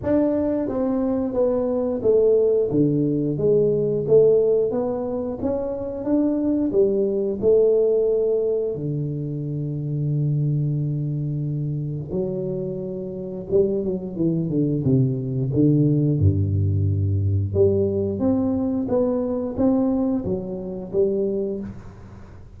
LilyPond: \new Staff \with { instrumentName = "tuba" } { \time 4/4 \tempo 4 = 89 d'4 c'4 b4 a4 | d4 gis4 a4 b4 | cis'4 d'4 g4 a4~ | a4 d2.~ |
d2 fis2 | g8 fis8 e8 d8 c4 d4 | g,2 g4 c'4 | b4 c'4 fis4 g4 | }